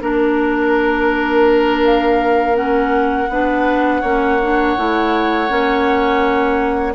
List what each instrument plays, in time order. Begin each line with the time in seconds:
0.00 bassoon A#3, clarinet D4, flute A#4, oboe A#4
1.84 flute F5
2.54 clarinet C#4, flute F#5
3.29 bassoon B3, clarinet D4, oboe B4
4.01 bassoon A#3, clarinet C#4, oboe C#5
4.42 clarinet D4
4.77 bassoon A3, clarinet E4
5.48 bassoon A#3, clarinet C#4